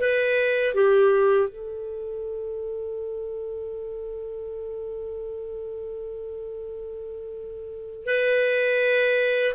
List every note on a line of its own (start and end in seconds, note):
0.00 0.75 B4
0.75 1.49 G4
1.49 8.06 A4
8.06 9.55 B4